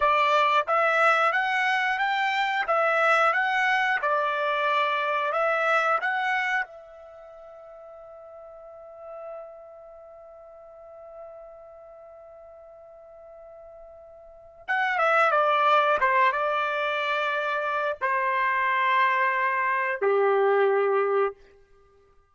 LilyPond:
\new Staff \with { instrumentName = "trumpet" } { \time 4/4 \tempo 4 = 90 d''4 e''4 fis''4 g''4 | e''4 fis''4 d''2 | e''4 fis''4 e''2~ | e''1~ |
e''1~ | e''2 fis''8 e''8 d''4 | c''8 d''2~ d''8 c''4~ | c''2 g'2 | }